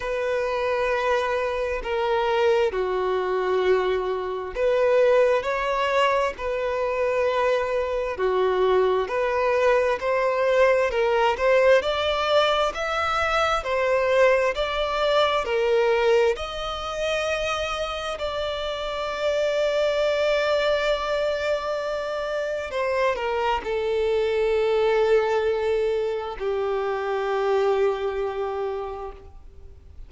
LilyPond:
\new Staff \with { instrumentName = "violin" } { \time 4/4 \tempo 4 = 66 b'2 ais'4 fis'4~ | fis'4 b'4 cis''4 b'4~ | b'4 fis'4 b'4 c''4 | ais'8 c''8 d''4 e''4 c''4 |
d''4 ais'4 dis''2 | d''1~ | d''4 c''8 ais'8 a'2~ | a'4 g'2. | }